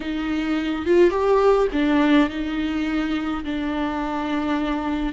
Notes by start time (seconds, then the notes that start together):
0.00 D#4
0.85 F4
1.10 G4
1.72 D4
2.29 D#4
3.44 D4